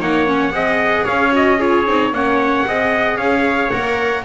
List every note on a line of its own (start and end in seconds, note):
0.00 0.52 A#3
0.00 0.27 D#4
0.00 0.53 C#5
0.00 1.06 F#5
0.27 0.52 C#4
0.52 1.05 C4
0.52 1.31 G#4
0.52 1.05 D#5
1.05 1.87 C#4
1.05 1.58 C#5
1.05 1.33 F5
1.32 1.58 F#4
1.32 1.62 D#5
1.59 1.87 F4
1.59 2.12 G#4
1.59 2.14 C#5
1.87 2.12 C4
1.87 2.14 D#4
2.12 2.65 A#3
2.12 2.67 C#4
2.12 2.67 C#5
2.12 3.17 F#5
2.67 3.18 C4
2.67 3.72 G#4
2.67 3.17 D#5
3.17 3.71 C#4
3.17 4.23 C#5
3.17 3.70 F5
3.70 4.25 A#3
3.70 4.25 A#4
3.70 4.24 F#5